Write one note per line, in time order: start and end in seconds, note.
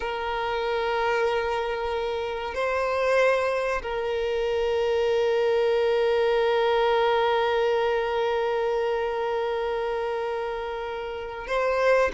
0.00 2.54 A#4
2.54 3.82 C5
3.82 11.47 A#4
11.47 12.11 C5